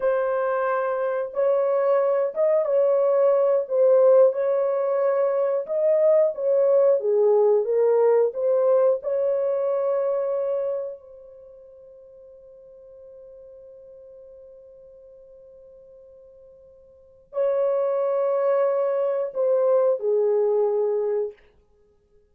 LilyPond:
\new Staff \with { instrumentName = "horn" } { \time 4/4 \tempo 4 = 90 c''2 cis''4. dis''8 | cis''4. c''4 cis''4.~ | cis''8 dis''4 cis''4 gis'4 ais'8~ | ais'8 c''4 cis''2~ cis''8~ |
cis''8 c''2.~ c''8~ | c''1~ | c''2 cis''2~ | cis''4 c''4 gis'2 | }